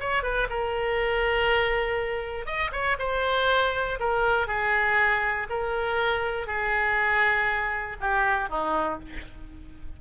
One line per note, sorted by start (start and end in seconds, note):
0.00 0.23 C#5
0.23 0.48 B4
0.50 2.46 A#4
2.46 2.71 D#5
2.72 2.97 C#5
2.99 3.99 C5
4.00 4.47 A#4
4.47 5.47 G#4
5.50 6.47 A#4
6.47 7.97 G#4
8.00 8.49 G4
8.49 8.99 D#4